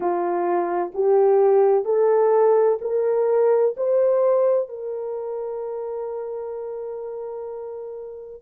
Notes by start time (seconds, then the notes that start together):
0.00 F4
0.94 G4
1.85 A4
2.81 A#4
3.76 C5
4.68 A#4